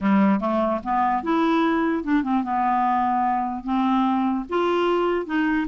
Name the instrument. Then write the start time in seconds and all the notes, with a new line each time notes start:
clarinet
0.00 G3
0.39 A3
0.83 B3
1.23 E4
2.03 D4
2.23 C4
2.43 B3
3.64 C4
4.49 F4
5.26 D#4